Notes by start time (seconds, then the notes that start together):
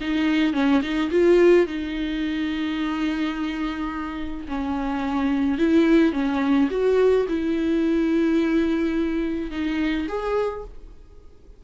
0.00 D#4
0.53 C#4
0.82 D#4
1.11 F4
1.66 D#4
4.48 C#4
5.58 E4
6.12 C#4
6.70 F#4
7.28 E4
9.50 D#4
10.08 G#4